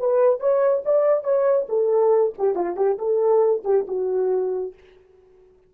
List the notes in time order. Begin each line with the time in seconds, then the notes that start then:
0.00 B4
0.40 C#5
0.86 D5
1.24 C#5
1.69 A4
2.38 G4
2.56 F4
2.77 G4
2.99 A4
3.65 G4
3.88 F#4